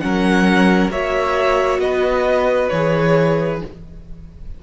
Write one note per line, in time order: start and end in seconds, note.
0.00 0.90 F#3
0.00 0.91 C#4
0.00 0.91 A#4
0.00 0.90 F#5
0.90 1.78 A#3
0.90 2.70 F#4
0.90 1.80 C#5
0.90 1.79 E5
1.78 2.68 B3
1.78 3.62 B4
1.78 2.68 D#5
2.68 3.62 E3
2.68 3.63 G#4
2.68 3.58 C#5